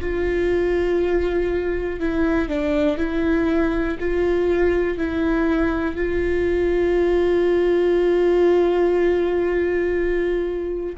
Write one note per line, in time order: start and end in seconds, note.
0.00 2.00 F4
2.00 2.48 E4
2.48 2.97 D4
2.97 3.97 E4
4.00 4.98 F4
4.98 5.96 E4
5.96 10.96 F4